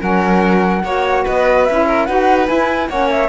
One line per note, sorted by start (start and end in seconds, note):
0.00 0.83 F#3
0.00 0.82 C#4
0.00 0.82 A#4
0.00 1.25 F#5
0.83 1.24 A#3
0.83 1.68 F#4
0.83 1.23 C#5
1.23 1.69 B3
1.23 1.85 B4
1.23 1.64 D#5
1.64 2.08 C#4
1.64 2.08 E4
1.64 2.05 E5
1.87 2.06 A#4
2.05 2.49 D#4
2.05 2.46 F#4
2.05 2.88 B4
2.05 2.46 F#5
2.46 2.87 E4
2.46 2.89 E4
2.46 2.88 G#5
2.89 3.29 A#3
2.89 3.29 C#4
2.89 3.29 C#5
2.89 3.09 F#5
3.10 3.29 E5